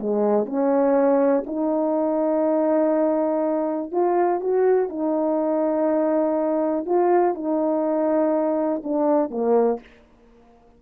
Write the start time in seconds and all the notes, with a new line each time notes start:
0.00 G#3
0.46 C#4
1.47 D#4
3.92 F4
4.41 F#4
4.90 D#4
6.86 F4
7.35 D#4
8.84 D4
9.31 A#3